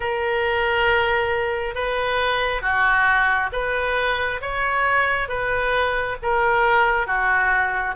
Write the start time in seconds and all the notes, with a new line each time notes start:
0.00 A#4
1.74 B4
2.61 F#4
3.52 B4
4.41 C#5
5.28 B4
6.22 A#4
7.06 F#4